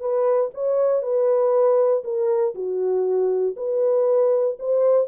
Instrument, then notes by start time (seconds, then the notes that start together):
horn
0.00 B4
0.54 C#5
1.02 B4
2.04 A#4
2.55 F#4
3.57 B4
4.59 C5